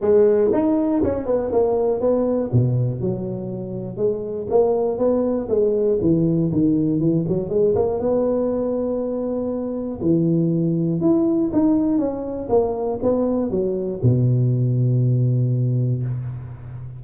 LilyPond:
\new Staff \with { instrumentName = "tuba" } { \time 4/4 \tempo 4 = 120 gis4 dis'4 cis'8 b8 ais4 | b4 b,4 fis2 | gis4 ais4 b4 gis4 | e4 dis4 e8 fis8 gis8 ais8 |
b1 | e2 e'4 dis'4 | cis'4 ais4 b4 fis4 | b,1 | }